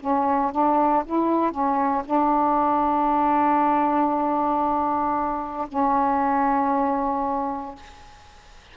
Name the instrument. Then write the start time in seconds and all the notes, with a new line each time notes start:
saxophone
0.00 C#4
0.52 D4
1.06 E4
1.51 C#4
2.05 D4
5.68 C#4